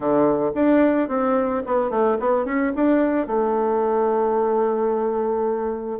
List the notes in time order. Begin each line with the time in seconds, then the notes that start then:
0.00 D3
0.54 D4
1.08 C4
1.66 B3
1.90 A3
2.19 B3
2.45 C#4
2.75 D4
3.27 A3